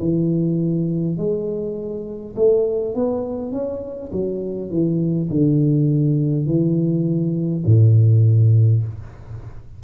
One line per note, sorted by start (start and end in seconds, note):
0.00 1.18 E3
1.18 2.35 G#3
2.36 2.95 A3
2.95 3.52 B3
3.52 4.11 C#4
4.12 4.71 F#3
4.71 5.29 E3
5.30 6.47 D3
6.47 7.64 E3
7.66 8.83 A2